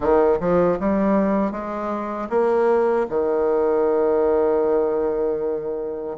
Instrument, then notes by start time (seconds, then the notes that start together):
bassoon
0.00 D#3
0.40 F3
0.79 G3
1.51 G#3
2.29 A#3
3.09 D#3